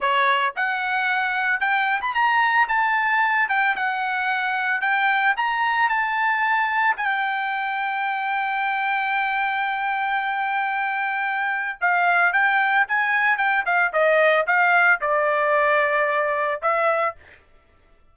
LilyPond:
\new Staff \with { instrumentName = "trumpet" } { \time 4/4 \tempo 4 = 112 cis''4 fis''2 g''8. b''16 | ais''4 a''4. g''8 fis''4~ | fis''4 g''4 ais''4 a''4~ | a''4 g''2.~ |
g''1~ | g''2 f''4 g''4 | gis''4 g''8 f''8 dis''4 f''4 | d''2. e''4 | }